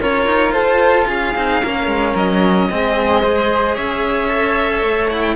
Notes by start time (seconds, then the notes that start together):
0.00 C#4 F4 A#4 C#5
0.26 D#4
0.52 F4 A4 C5
1.07 C#4 G#4 F5
1.35 C4 D#4
1.62 A#3 C#4 A#4
1.86 G#3
2.15 F#3 D#5
2.70 G#3 C4 G#4
3.22 G#4 C5
3.75 C#4 C#5 E5
4.29 A4
4.82 A3
5.10 E4 F#5
5.21 G5